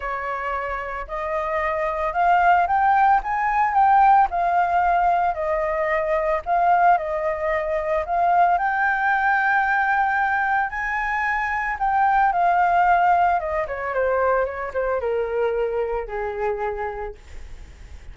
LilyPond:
\new Staff \with { instrumentName = "flute" } { \time 4/4 \tempo 4 = 112 cis''2 dis''2 | f''4 g''4 gis''4 g''4 | f''2 dis''2 | f''4 dis''2 f''4 |
g''1 | gis''2 g''4 f''4~ | f''4 dis''8 cis''8 c''4 cis''8 c''8 | ais'2 gis'2 | }